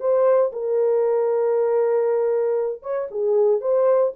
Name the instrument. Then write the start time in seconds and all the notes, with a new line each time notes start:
horn
0.00 C5
0.52 A#4
2.82 C#5
3.11 G#4
3.61 C5